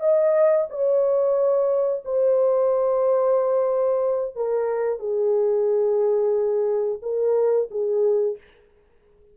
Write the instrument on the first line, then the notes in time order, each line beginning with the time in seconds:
horn
0.00 D#5
0.69 C#5
2.05 C5
4.35 A#4
4.99 G#4
7.02 A#4
7.71 G#4